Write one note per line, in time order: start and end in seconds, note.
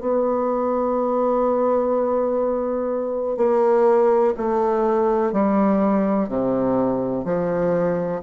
0.00 3.37 B3
3.37 4.33 A#3
4.36 5.32 A3
5.32 6.28 G3
6.28 7.24 C3
7.24 8.21 F3